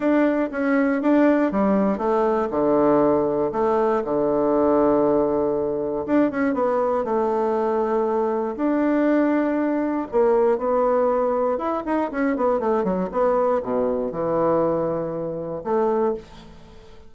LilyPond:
\new Staff \with { instrumentName = "bassoon" } { \time 4/4 \tempo 4 = 119 d'4 cis'4 d'4 g4 | a4 d2 a4 | d1 | d'8 cis'8 b4 a2~ |
a4 d'2. | ais4 b2 e'8 dis'8 | cis'8 b8 a8 fis8 b4 b,4 | e2. a4 | }